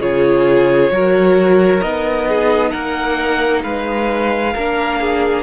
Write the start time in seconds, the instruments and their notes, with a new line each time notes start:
0.00 cello C#3, viola F4, violin G#4 C#5
0.91 cello F#3, viola F#4, violin A#4
1.82 cello B3, viola D#4, violin D#5
2.28 violin G#4
2.71 cello A#3, violin A#4 F#5
3.63 cello G#3, violin B4 F5
4.54 cello A#3, viola D4, violin A#4
5.00 violin G#4